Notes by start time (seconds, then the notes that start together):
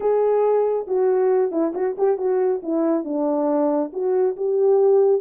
0.00 G#4
0.87 F#4
1.51 E4
1.74 F#4
1.97 G4
2.17 F#4
2.62 E4
3.04 D4
3.92 F#4
4.36 G4